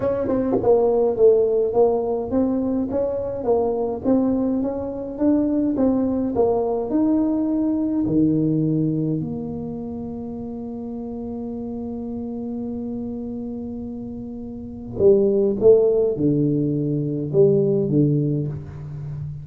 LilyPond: \new Staff \with { instrumentName = "tuba" } { \time 4/4 \tempo 4 = 104 cis'8 c'8 ais4 a4 ais4 | c'4 cis'4 ais4 c'4 | cis'4 d'4 c'4 ais4 | dis'2 dis2 |
ais1~ | ais1~ | ais2 g4 a4 | d2 g4 d4 | }